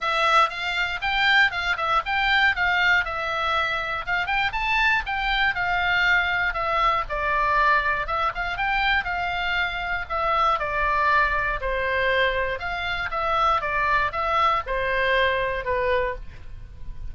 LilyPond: \new Staff \with { instrumentName = "oboe" } { \time 4/4 \tempo 4 = 119 e''4 f''4 g''4 f''8 e''8 | g''4 f''4 e''2 | f''8 g''8 a''4 g''4 f''4~ | f''4 e''4 d''2 |
e''8 f''8 g''4 f''2 | e''4 d''2 c''4~ | c''4 f''4 e''4 d''4 | e''4 c''2 b'4 | }